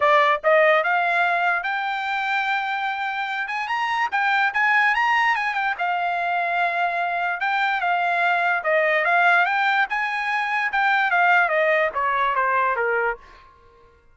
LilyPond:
\new Staff \with { instrumentName = "trumpet" } { \time 4/4 \tempo 4 = 146 d''4 dis''4 f''2 | g''1~ | g''8 gis''8 ais''4 g''4 gis''4 | ais''4 gis''8 g''8 f''2~ |
f''2 g''4 f''4~ | f''4 dis''4 f''4 g''4 | gis''2 g''4 f''4 | dis''4 cis''4 c''4 ais'4 | }